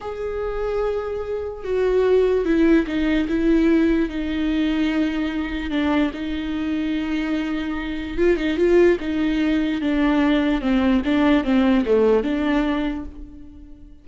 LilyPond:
\new Staff \with { instrumentName = "viola" } { \time 4/4 \tempo 4 = 147 gis'1 | fis'2 e'4 dis'4 | e'2 dis'2~ | dis'2 d'4 dis'4~ |
dis'1 | f'8 dis'8 f'4 dis'2 | d'2 c'4 d'4 | c'4 a4 d'2 | }